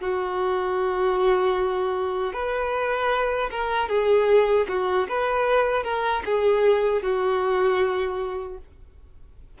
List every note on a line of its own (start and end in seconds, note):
0.00 2.33 F#4
2.33 3.50 B4
3.51 3.89 A#4
3.89 4.66 G#4
4.68 5.07 F#4
5.08 5.83 B4
5.83 6.22 A#4
6.25 7.02 G#4
7.02 8.57 F#4